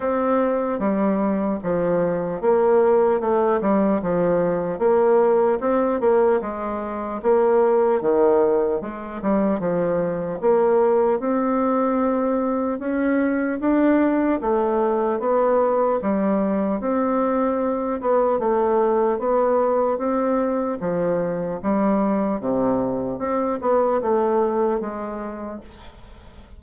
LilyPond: \new Staff \with { instrumentName = "bassoon" } { \time 4/4 \tempo 4 = 75 c'4 g4 f4 ais4 | a8 g8 f4 ais4 c'8 ais8 | gis4 ais4 dis4 gis8 g8 | f4 ais4 c'2 |
cis'4 d'4 a4 b4 | g4 c'4. b8 a4 | b4 c'4 f4 g4 | c4 c'8 b8 a4 gis4 | }